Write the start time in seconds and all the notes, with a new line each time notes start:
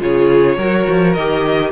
0.00 C#3 F4 G#4 C#5
0.57 F#3 F#4 A#4
0.88 F3
1.14 D#3 G4 D#5